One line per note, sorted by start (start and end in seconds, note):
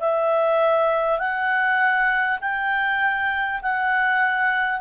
0.00 1.19 E5
1.19 2.39 F#5
2.41 3.61 G5
3.62 4.81 F#5